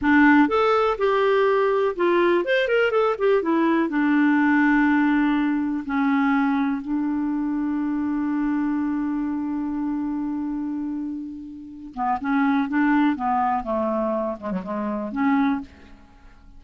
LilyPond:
\new Staff \with { instrumentName = "clarinet" } { \time 4/4 \tempo 4 = 123 d'4 a'4 g'2 | f'4 c''8 ais'8 a'8 g'8 e'4 | d'1 | cis'2 d'2~ |
d'1~ | d'1~ | d'8 b8 cis'4 d'4 b4 | a4. gis16 fis16 gis4 cis'4 | }